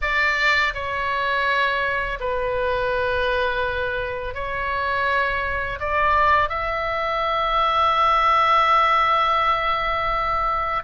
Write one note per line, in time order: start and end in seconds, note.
0.01 0.73 D5
0.74 2.19 C#5
2.20 4.34 B4
4.34 5.79 C#5
5.79 6.49 D5
6.49 10.83 E5